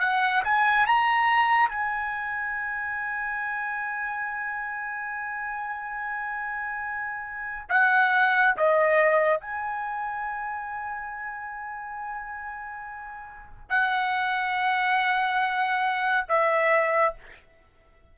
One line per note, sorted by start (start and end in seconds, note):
0.00 0.43 F#5
0.44 0.86 G#5
0.86 1.69 A#5
1.69 7.69 G#5
7.69 8.55 F#5
8.57 9.41 D#5
9.41 13.69 G#5
13.69 16.27 F#5
16.29 17.14 E5